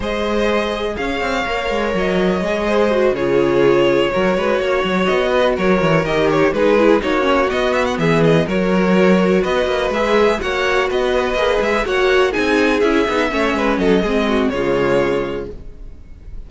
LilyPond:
<<
  \new Staff \with { instrumentName = "violin" } { \time 4/4 \tempo 4 = 124 dis''2 f''2 | dis''2~ dis''8 cis''4.~ | cis''2~ cis''8 dis''4 cis''8~ | cis''8 dis''8 cis''8 b'4 cis''4 dis''8 |
e''16 fis''16 e''8 dis''8 cis''2 dis''8~ | dis''8 e''4 fis''4 dis''4. | e''8 fis''4 gis''4 e''4.~ | e''8 dis''4. cis''2 | }
  \new Staff \with { instrumentName = "violin" } { \time 4/4 c''2 cis''2~ | cis''4. c''4 gis'4.~ | gis'8 ais'8 b'8 cis''4. b'8 ais'8~ | ais'4. gis'4 fis'4.~ |
fis'8 gis'4 ais'2 b'8~ | b'4. cis''4 b'4.~ | b'8 cis''4 gis'2 cis''8 | b'8 a'8 gis'8 fis'8 f'2 | }
  \new Staff \with { instrumentName = "viola" } { \time 4/4 gis'2. ais'4~ | ais'4 gis'4 fis'8 f'4.~ | f'8 fis'2.~ fis'8~ | fis'8 g'4 dis'8 e'8 dis'8 cis'8 b8~ |
b4. fis'2~ fis'8~ | fis'8 gis'4 fis'2 gis'8~ | gis'8 fis'4 dis'4 e'8 dis'8 cis'8~ | cis'4 c'4 gis2 | }
  \new Staff \with { instrumentName = "cello" } { \time 4/4 gis2 cis'8 c'8 ais8 gis8 | fis4 gis4. cis4.~ | cis8 fis8 gis8 ais8 fis8 b4 fis8 | e8 dis4 gis4 ais4 b8~ |
b8 e4 fis2 b8 | ais8 gis4 ais4 b4 ais8 | gis8 ais4 c'4 cis'8 b8 a8 | gis8 fis8 gis4 cis2 | }
>>